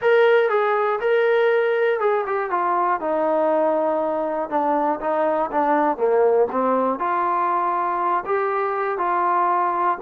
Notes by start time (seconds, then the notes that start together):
0.01 A#4
0.49 G#4
1.00 A#4
2.00 G#4
2.26 G4
2.50 F4
3.00 D#4
4.49 D4
5.00 D#4
5.51 D4
5.97 A#3
6.51 C4
6.99 F4
8.25 G4
8.97 F4